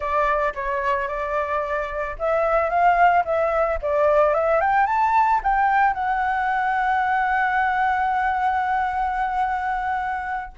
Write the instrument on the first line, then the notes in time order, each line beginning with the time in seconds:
flute
0.00 D5
0.55 C#5
1.08 D5
2.18 E5
2.69 F5
3.24 E5
3.81 D5
4.34 E5
4.60 G5
4.86 A5
5.43 G5
5.93 F#5